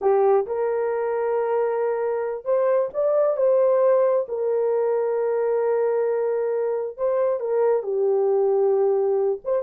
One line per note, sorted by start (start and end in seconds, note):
0.01 0.46 G4
0.46 2.44 A#4
2.44 2.89 C5
2.93 3.37 D5
3.37 4.26 C5
4.28 6.97 A#4
6.97 7.39 C5
7.39 7.82 A#4
7.82 9.39 G4
9.44 9.62 C5